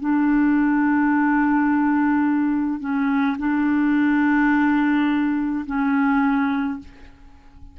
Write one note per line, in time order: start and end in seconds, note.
0.00 2.80 D4
2.80 3.37 C#4
3.39 5.65 D4
5.67 6.80 C#4